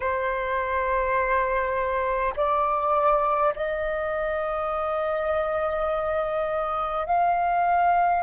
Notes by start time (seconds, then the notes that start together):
0.00 C5
2.36 D5
3.56 D#5
7.06 F5